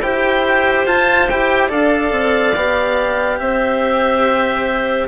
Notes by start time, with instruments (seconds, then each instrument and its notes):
0.00 bassoon E4, cello G4, clarinet C5, oboe G5
0.86 bassoon F4, cello F4, oboe A5
1.29 bassoon E4, cello G4, oboe G5
1.68 bassoon D4, cello A4, clarinet D5, oboe F5
2.11 bassoon C4
2.55 bassoon B3, cello G4
3.39 bassoon C4, clarinet C5, oboe E5